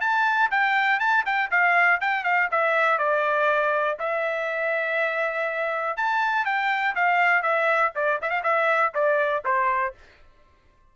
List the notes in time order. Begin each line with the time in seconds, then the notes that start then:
0.00 A5
0.50 G5
0.99 A5
1.25 G5
1.51 F5
2.00 G5
2.24 F5
2.51 E5
2.98 D5
3.99 E5
5.97 A5
6.45 G5
6.95 F5
7.42 E5
7.95 D5
8.21 E5
8.29 F5
8.43 E5
8.94 D5
9.44 C5